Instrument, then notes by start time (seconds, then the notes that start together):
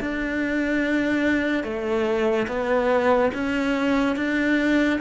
cello
0.00 D4
1.63 A3
2.47 B3
3.34 C#4
4.16 D4